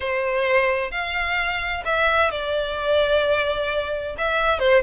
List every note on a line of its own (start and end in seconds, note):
0.00 0.91 C5
0.91 1.83 F5
1.85 2.31 E5
2.31 4.15 D5
4.18 4.59 E5
4.59 4.82 C5